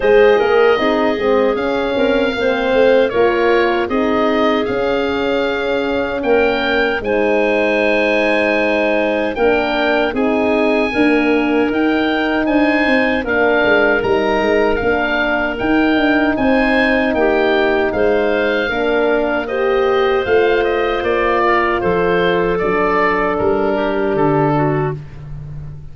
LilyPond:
<<
  \new Staff \with { instrumentName = "oboe" } { \time 4/4 \tempo 4 = 77 dis''2 f''2 | cis''4 dis''4 f''2 | g''4 gis''2. | g''4 gis''2 g''4 |
gis''4 f''4 ais''4 f''4 | g''4 gis''4 g''4 f''4~ | f''4 dis''4 f''8 dis''8 d''4 | c''4 d''4 ais'4 a'4 | }
  \new Staff \with { instrumentName = "clarinet" } { \time 4/4 c''8 ais'8 gis'4. ais'8 c''4 | ais'4 gis'2. | ais'4 c''2. | ais'4 gis'4 ais'2 |
c''4 ais'2.~ | ais'4 c''4 g'4 c''4 | ais'4 c''2~ c''8 ais'8 | a'2~ a'8 g'4 fis'8 | }
  \new Staff \with { instrumentName = "horn" } { \time 4/4 gis'4 dis'8 c'8 cis'4 c'4 | f'4 dis'4 cis'2~ | cis'4 dis'2. | d'4 dis'4 ais4 dis'4~ |
dis'4 d'4 dis'4 d'4 | dis'1 | d'4 g'4 f'2~ | f'4 d'2. | }
  \new Staff \with { instrumentName = "tuba" } { \time 4/4 gis8 ais8 c'8 gis8 cis'8 c'8 ais8 a8 | ais4 c'4 cis'2 | ais4 gis2. | ais4 c'4 d'4 dis'4 |
d'8 c'8 ais8 gis8 g8 gis8 ais4 | dis'8 d'8 c'4 ais4 gis4 | ais2 a4 ais4 | f4 fis4 g4 d4 | }
>>